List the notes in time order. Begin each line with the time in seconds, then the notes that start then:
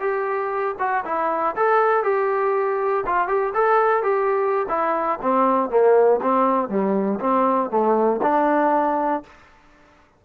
0.00 G4
0.80 F#4
1.05 E4
1.56 A4
2.04 G4
3.07 F4
3.28 G4
3.55 A4
4.03 G4
4.69 E4
5.22 C4
5.70 A#3
6.22 C4
6.69 G3
7.21 C4
7.71 A3
8.23 D4